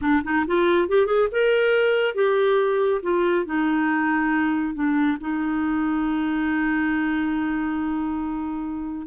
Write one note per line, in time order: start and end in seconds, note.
0.01 0.23 D4
0.24 0.45 D#4
0.47 0.88 F4
0.88 1.06 G4
1.06 1.28 G#4
1.31 2.14 A#4
2.14 3.01 G4
3.02 3.45 F4
3.45 4.74 D#4
4.74 5.17 D4
5.20 9.07 D#4